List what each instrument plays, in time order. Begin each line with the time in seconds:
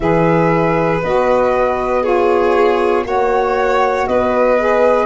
0.00 tuba E3, saxophone G#4, violin B4, flute E5
1.02 tuba B3, saxophone F#4, flute D#5
2.02 saxophone F4, violin G#4, flute C#5
3.04 tuba A#3, saxophone F#4, violin C#5, flute F#5
4.07 tuba B3, violin B4, flute D#5
4.58 saxophone G#4